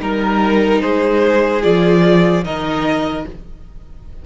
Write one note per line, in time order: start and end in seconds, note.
0.00 0.82 G3
0.00 1.62 D#4
0.00 0.80 A#4
0.00 0.82 A#4
0.80 1.64 G#3
0.80 2.44 G#4
0.80 1.61 C5
1.62 2.44 F3
1.62 2.43 F4
1.62 2.44 D5
2.43 3.25 D#3
2.43 3.24 D#4
2.43 3.25 A#4
2.43 3.26 D#5